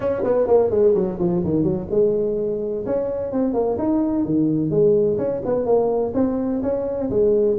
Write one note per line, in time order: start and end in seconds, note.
0.00 0.23 C#4
0.23 0.47 B3
0.47 0.70 A#3
0.70 0.94 G#3
0.94 1.18 F#3
1.19 1.43 F3
1.43 1.63 D#3
1.63 1.87 F#3
1.90 2.85 G#3
2.86 3.32 C#4
3.32 3.53 C4
3.53 3.77 A#3
3.78 4.25 D#4
4.25 4.70 D#3
4.70 5.17 G#3
5.18 5.41 C#4
5.45 5.65 B3
5.65 6.13 A#3
6.14 6.61 C4
6.62 7.09 C#4
7.10 7.57 G#3